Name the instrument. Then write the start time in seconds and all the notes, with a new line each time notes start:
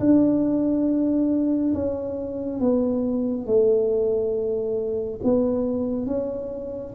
tuba
0.00 D4
1.75 C#4
2.60 B3
3.47 A3
5.24 B3
6.07 C#4